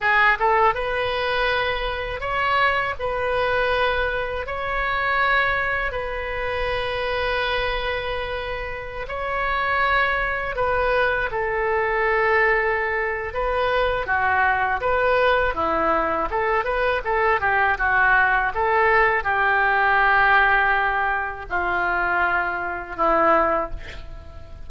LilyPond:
\new Staff \with { instrumentName = "oboe" } { \time 4/4 \tempo 4 = 81 gis'8 a'8 b'2 cis''4 | b'2 cis''2 | b'1~ | b'16 cis''2 b'4 a'8.~ |
a'2 b'4 fis'4 | b'4 e'4 a'8 b'8 a'8 g'8 | fis'4 a'4 g'2~ | g'4 f'2 e'4 | }